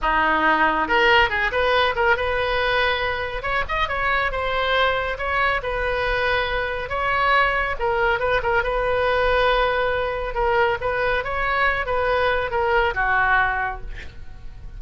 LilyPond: \new Staff \with { instrumentName = "oboe" } { \time 4/4 \tempo 4 = 139 dis'2 ais'4 gis'8 b'8~ | b'8 ais'8 b'2. | cis''8 dis''8 cis''4 c''2 | cis''4 b'2. |
cis''2 ais'4 b'8 ais'8 | b'1 | ais'4 b'4 cis''4. b'8~ | b'4 ais'4 fis'2 | }